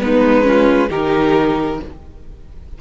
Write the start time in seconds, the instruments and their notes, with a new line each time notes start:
0.00 cello G#3, viola B3, violin D#4 B4
0.43 viola C#4, violin F4
0.90 cello D#3, viola D#4, violin G4 A#4